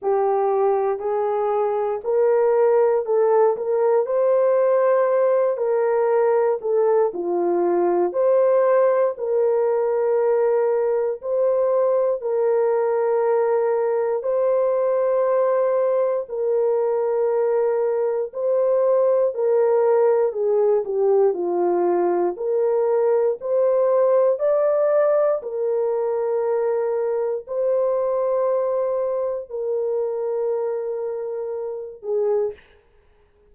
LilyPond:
\new Staff \with { instrumentName = "horn" } { \time 4/4 \tempo 4 = 59 g'4 gis'4 ais'4 a'8 ais'8 | c''4. ais'4 a'8 f'4 | c''4 ais'2 c''4 | ais'2 c''2 |
ais'2 c''4 ais'4 | gis'8 g'8 f'4 ais'4 c''4 | d''4 ais'2 c''4~ | c''4 ais'2~ ais'8 gis'8 | }